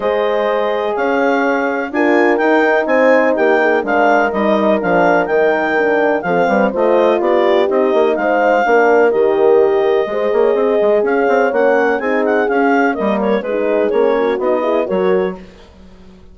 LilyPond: <<
  \new Staff \with { instrumentName = "clarinet" } { \time 4/4 \tempo 4 = 125 dis''2 f''2 | gis''4 g''4 gis''4 g''4 | f''4 dis''4 f''4 g''4~ | g''4 f''4 dis''4 d''4 |
dis''4 f''2 dis''4~ | dis''2. f''4 | fis''4 gis''8 fis''8 f''4 dis''8 cis''8 | b'4 cis''4 dis''4 cis''4 | }
  \new Staff \with { instrumentName = "horn" } { \time 4/4 c''2 cis''2 | ais'2 c''4 g'8 gis'8 | ais'1~ | ais'4 a'8 b'8 c''4 g'4~ |
g'4 c''4 ais'2~ | ais'4 c''8 cis''8 dis''4 cis''4~ | cis''4 gis'2 ais'4 | gis'4. fis'4 gis'8 ais'4 | }
  \new Staff \with { instrumentName = "horn" } { \time 4/4 gis'1 | f'4 dis'2. | d'4 dis'4 d'4 dis'4 | d'4 c'4 f'2 |
dis'2 d'4 g'4~ | g'4 gis'2. | cis'4 dis'4 cis'4 ais4 | dis'4 cis'4 dis'8 e'8 fis'4 | }
  \new Staff \with { instrumentName = "bassoon" } { \time 4/4 gis2 cis'2 | d'4 dis'4 c'4 ais4 | gis4 g4 f4 dis4~ | dis4 f8 g8 a4 b4 |
c'8 ais8 gis4 ais4 dis4~ | dis4 gis8 ais8 c'8 gis8 cis'8 c'8 | ais4 c'4 cis'4 g4 | gis4 ais4 b4 fis4 | }
>>